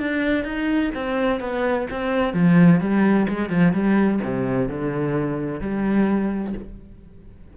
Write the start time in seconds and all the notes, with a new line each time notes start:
0.00 D4
0.45 D#4
0.95 C4
1.41 B3
1.91 C4
2.34 F3
2.81 G3
3.29 G#3
3.50 F3
3.73 G3
4.24 C3
4.69 D3
5.61 G3